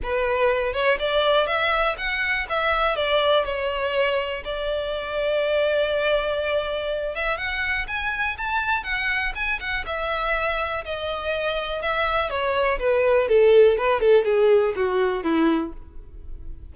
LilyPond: \new Staff \with { instrumentName = "violin" } { \time 4/4 \tempo 4 = 122 b'4. cis''8 d''4 e''4 | fis''4 e''4 d''4 cis''4~ | cis''4 d''2.~ | d''2~ d''8 e''8 fis''4 |
gis''4 a''4 fis''4 gis''8 fis''8 | e''2 dis''2 | e''4 cis''4 b'4 a'4 | b'8 a'8 gis'4 fis'4 e'4 | }